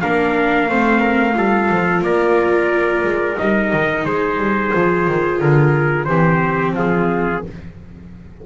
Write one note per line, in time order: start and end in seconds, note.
0.00 0.68 A#3
0.00 0.69 D4
0.00 0.69 A#4
0.00 2.02 F5
0.68 1.35 A3
0.68 1.33 C4
0.68 1.00 C5
1.00 1.33 A#4
1.33 1.69 G3
1.33 3.35 F4
1.33 2.04 A4
1.70 2.01 F3
2.01 3.02 A#3
2.01 4.06 A#4
2.01 3.37 D5
3.02 3.36 G#3
3.37 3.73 G3
3.37 4.71 D#4
3.37 4.05 D#5
3.73 4.04 D#3
4.04 4.37 G#3
4.04 6.08 G#4
4.04 5.40 C5
4.37 4.71 G3
4.73 5.07 F3
4.73 6.07 F4
5.07 5.41 D#3
5.40 6.06 D3
5.40 6.04 A#4
6.04 6.71 E3
6.04 7.42 C4
6.04 6.75 G4
6.04 6.72 C5
6.71 7.39 F3
6.71 7.43 F4
6.78 7.45 G#4